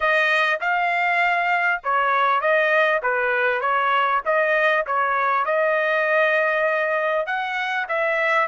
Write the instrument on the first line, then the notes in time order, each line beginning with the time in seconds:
trumpet
0.00 D#5
0.60 F5
1.83 C#5
2.40 D#5
3.02 B4
3.60 C#5
4.25 D#5
4.86 C#5
5.45 D#5
7.26 F#5
7.88 E5